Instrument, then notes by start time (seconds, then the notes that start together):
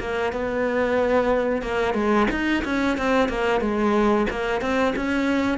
cello
0.00 A#3
0.32 B3
1.62 A#3
1.94 G#3
2.31 D#4
2.65 C#4
2.98 C4
3.29 A#3
3.61 G#3
4.30 A#3
4.61 C4
4.96 C#4